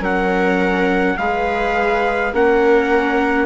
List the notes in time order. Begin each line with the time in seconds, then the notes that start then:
0.00 F#3 C#4 A#4 F#5
1.17 G#3 G#4 B4 F5
2.32 A#3 C#4 A#4 F#5